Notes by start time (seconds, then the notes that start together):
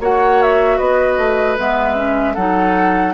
0.00 A#3 F#4 C#5 F#5
0.42 E5
0.78 B3 B4 D#5
1.17 A3
1.58 G#3 B3 E5
1.95 C#4
2.34 F#3 D#4 A4 F#5